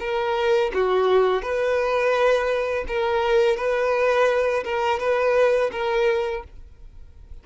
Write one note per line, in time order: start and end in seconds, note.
0.00 0.71 A#4
0.74 1.42 F#4
1.42 2.85 B4
2.88 3.56 A#4
3.56 4.64 B4
4.65 4.99 A#4
4.99 5.71 B4
5.72 6.43 A#4